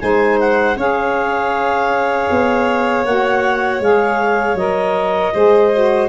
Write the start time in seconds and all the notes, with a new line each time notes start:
0.00 G#3 D#4 C5 G#5
0.40 F#5
0.76 C#4 G#4 C#5 F5
2.30 B3
3.05 A#3 F#4 F#5
3.80 G#3 G#4 F5
4.54 F#3 A#4 D#5
5.33 G#3 G#4 C5
5.72 F#4